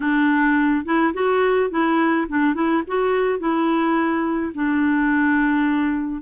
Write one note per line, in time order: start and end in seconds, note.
0.00 0.85 D4
0.85 1.13 E4
1.13 1.70 F#4
1.70 2.27 E4
2.28 2.54 D4
2.54 2.82 E4
2.87 3.39 F#4
3.39 4.52 E4
4.54 6.21 D4